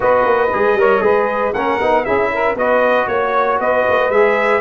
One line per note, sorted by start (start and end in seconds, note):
0.00 0.25 B3
0.00 0.49 F#4
0.00 0.78 B4
0.00 1.53 D#5
0.25 0.50 A#3
0.53 0.74 G#3
0.53 0.78 G#4
0.74 1.00 G3
0.74 1.00 A#4
0.74 1.03 C#5
1.00 1.53 G#3
1.00 1.52 G#4
1.00 1.54 B4
1.53 1.79 A#3
1.53 1.80 C#4
1.53 2.04 A#4
1.53 2.04 F#5
1.80 2.06 B3
1.80 2.05 D#4
2.04 2.55 C#4
2.04 2.56 E4
2.04 2.30 G#4
2.04 2.56 E5
2.32 2.57 A#4
2.55 3.06 B3
2.55 4.11 F#4
2.55 3.08 B4
2.55 3.07 D#5
3.07 3.59 A#3
3.07 3.58 C#5
3.07 3.59 C#5
3.59 3.85 B3
3.59 4.60 B4
3.59 4.10 D#5
3.89 4.09 A#3
4.09 4.60 G#3
4.09 4.60 G#4
4.09 4.60 E5